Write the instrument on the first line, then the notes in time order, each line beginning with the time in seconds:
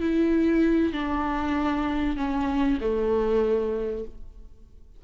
viola
0.00 E4
0.92 D4
2.16 C#4
2.80 A3